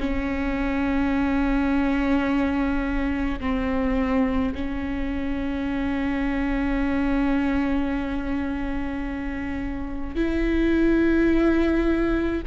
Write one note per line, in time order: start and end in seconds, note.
0.00 3.40 C#4
3.40 4.53 C4
4.55 10.15 C#4
10.15 12.42 E4